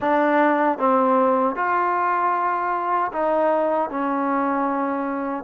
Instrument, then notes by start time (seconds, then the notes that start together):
trombone
0.00 D4
0.78 C4
1.55 F4
3.12 D#4
3.90 C#4